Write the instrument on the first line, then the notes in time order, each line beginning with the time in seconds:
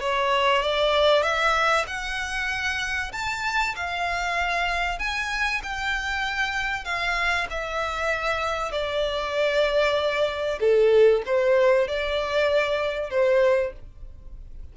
violin
0.00 C#5
0.62 D5
1.22 E5
1.87 F#5
3.12 A5
3.75 F5
4.98 G#5
5.62 G5
6.84 F5
7.50 E5
8.71 D5
10.60 A4
11.26 C5
11.88 D5
13.10 C5